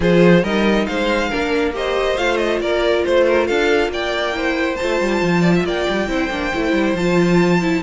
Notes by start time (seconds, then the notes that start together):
0.00 F3 F4 G#4 C5
0.43 G3 D#4 A#4 D#5
0.86 G#3 C5 F5
1.29 A#3 D4 A#4
1.73 G4 C5 D#5
2.16 A3 F4 F5
2.36 D#5
2.60 A#3 A#4 D5
3.04 A3 C5
3.26 A#4
3.47 D4 A4 F5
3.88 A#3 D5 G5
4.33 E4 C5
4.75 F4 A5
4.83 A3
5.00 G3
5.21 F3
5.41 D5
5.55 E5
5.64 A#3 D5 G5
5.89 G3
6.07 C4 E4 C5
6.30 A#3 D4
6.54 A3 E4
6.72 G3
6.93 F3 F4 A5
7.61 E4